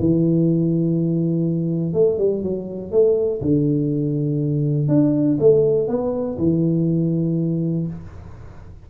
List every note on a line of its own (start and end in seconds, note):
0.00 1.94 E3
1.94 2.19 A3
2.19 2.43 G3
2.43 2.92 F#3
2.92 3.41 A3
3.42 4.89 D3
4.89 5.38 D4
5.40 5.89 A3
5.89 6.38 B3
6.39 7.88 E3